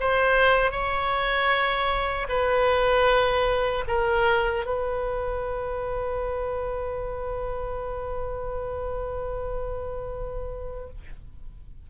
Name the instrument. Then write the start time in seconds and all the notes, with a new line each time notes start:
oboe
0.00 C5
0.72 C#5
2.29 B4
3.88 A#4
4.66 B4